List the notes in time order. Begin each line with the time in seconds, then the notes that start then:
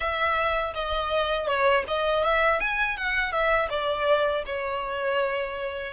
0.00 E5
0.74 D#5
1.47 C#5
1.87 D#5
2.24 E5
2.60 G#5
2.97 F#5
3.31 E5
3.69 D5
4.46 C#5